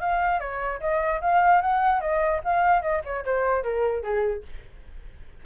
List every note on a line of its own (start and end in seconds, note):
0.00 0.40 F5
0.40 0.80 C#5
0.80 1.21 D#5
1.21 1.61 F5
1.61 2.01 F#5
2.01 2.41 D#5
2.44 2.82 F5
2.82 3.02 D#5
3.04 3.25 C#5
3.25 3.63 C5
3.63 4.03 A#4
4.03 4.43 G#4